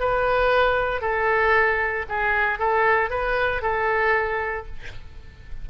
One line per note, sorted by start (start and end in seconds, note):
0.00 1.02 B4
1.02 2.06 A4
2.09 2.59 G#4
2.59 3.10 A4
3.10 3.63 B4
3.63 4.67 A4